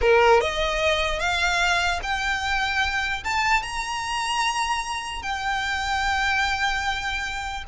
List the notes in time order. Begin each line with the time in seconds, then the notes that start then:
0.01 A#4
0.40 D#5
1.19 F5
2.02 G5
3.24 A5
3.62 A#5
5.22 G5